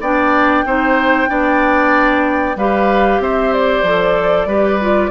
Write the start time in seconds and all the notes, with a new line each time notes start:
0.00 B3 D4 D5 G5
0.65 C4 D#4 C5
1.27 B3 D4 D5
2.55 G3 G4 B4 F5
3.19 C4 C5 E5
3.53 D5
3.82 F3 A4
4.45 G3 G4 B4
4.81 F4